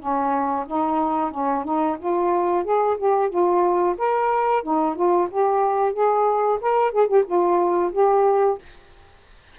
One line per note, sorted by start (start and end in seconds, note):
0.00 0.66 C#4
0.67 1.32 D#4
1.32 1.65 C#4
1.65 1.98 D#4
2.00 2.65 F4
2.65 2.98 G#4
2.98 3.30 G4
3.30 3.96 F4
3.98 4.63 A#4
4.63 4.96 D#4
4.96 5.29 F4
5.31 5.94 G4
5.94 6.60 G#4
6.61 6.92 A#4
6.92 7.08 G#4
7.08 7.24 G4
7.26 7.92 F4
7.93 8.59 G4